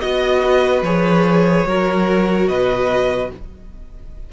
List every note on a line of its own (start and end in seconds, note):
0.00 0.82 B3
0.00 0.83 F#4
0.00 0.41 D#5
0.00 0.82 D#5
0.44 1.67 B4
0.82 1.64 F3
0.82 1.67 G#4
0.82 2.48 C#5
1.66 2.48 F#3
1.66 3.32 F#4
1.66 2.49 A#4
2.48 3.30 B2
2.48 3.31 B4
2.48 3.30 D#5